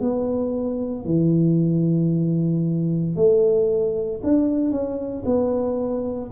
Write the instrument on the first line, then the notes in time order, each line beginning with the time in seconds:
tuba
0.00 B3
1.05 E3
3.16 A3
4.23 D4
4.71 C#4
5.25 B3